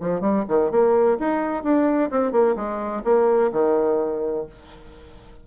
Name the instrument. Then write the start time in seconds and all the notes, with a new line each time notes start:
bassoon
0.00 F3
0.20 G3
0.48 D#3
0.71 A#3
1.19 D#4
1.63 D4
2.11 C4
2.32 A#3
2.56 G#3
3.04 A#3
3.52 D#3